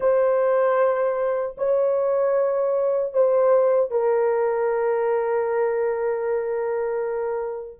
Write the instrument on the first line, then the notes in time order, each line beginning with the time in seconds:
horn
0.00 C5
1.57 C#5
3.13 C5
3.91 A#4